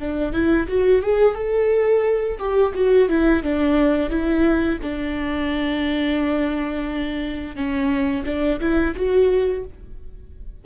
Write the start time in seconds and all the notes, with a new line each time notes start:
0.00 D4
0.33 E4
0.68 F#4
1.03 G#4
1.35 A4
2.39 G4
2.74 F#4
3.09 E4
3.43 D4
4.10 E4
4.83 D4
7.56 C#4
8.26 D4
8.61 E4
8.96 F#4